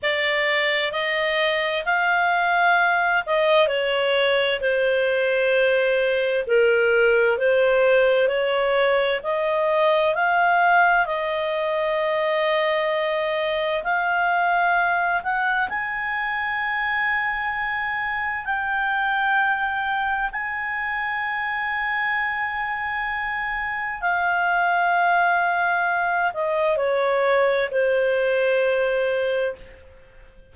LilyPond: \new Staff \with { instrumentName = "clarinet" } { \time 4/4 \tempo 4 = 65 d''4 dis''4 f''4. dis''8 | cis''4 c''2 ais'4 | c''4 cis''4 dis''4 f''4 | dis''2. f''4~ |
f''8 fis''8 gis''2. | g''2 gis''2~ | gis''2 f''2~ | f''8 dis''8 cis''4 c''2 | }